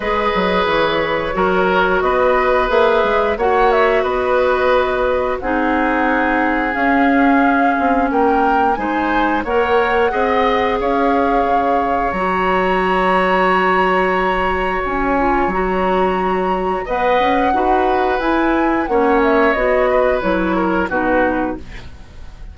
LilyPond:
<<
  \new Staff \with { instrumentName = "flute" } { \time 4/4 \tempo 4 = 89 dis''4 cis''2 dis''4 | e''4 fis''8 e''8 dis''2 | fis''2 f''2 | g''4 gis''4 fis''2 |
f''2 ais''2~ | ais''2 gis''4 ais''4~ | ais''4 fis''2 gis''4 | fis''8 e''8 dis''4 cis''4 b'4 | }
  \new Staff \with { instrumentName = "oboe" } { \time 4/4 b'2 ais'4 b'4~ | b'4 cis''4 b'2 | gis'1 | ais'4 c''4 cis''4 dis''4 |
cis''1~ | cis''1~ | cis''4 dis''4 b'2 | cis''4. b'4 ais'8 fis'4 | }
  \new Staff \with { instrumentName = "clarinet" } { \time 4/4 gis'2 fis'2 | gis'4 fis'2. | dis'2 cis'2~ | cis'4 dis'4 ais'4 gis'4~ |
gis'2 fis'2~ | fis'2~ fis'8 f'8 fis'4~ | fis'4 b'4 fis'4 e'4 | cis'4 fis'4 e'4 dis'4 | }
  \new Staff \with { instrumentName = "bassoon" } { \time 4/4 gis8 fis8 e4 fis4 b4 | ais8 gis8 ais4 b2 | c'2 cis'4. c'8 | ais4 gis4 ais4 c'4 |
cis'4 cis4 fis2~ | fis2 cis'4 fis4~ | fis4 b8 cis'8 dis'4 e'4 | ais4 b4 fis4 b,4 | }
>>